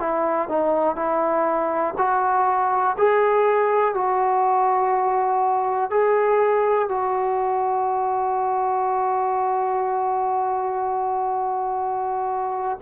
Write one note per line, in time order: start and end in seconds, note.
0.00 0.49 E4
0.49 0.96 D#4
0.96 1.94 E4
1.98 2.96 F#4
2.98 3.95 G#4
3.95 5.91 F#4
5.91 6.89 G#4
6.89 12.79 F#4